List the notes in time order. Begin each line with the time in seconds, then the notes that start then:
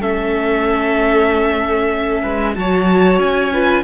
0.00 A3 C#4 A4 E5
2.23 G#3 B4
2.55 F#3 F#4 C#5 A5
3.19 C#4 G#5
3.53 F4 B4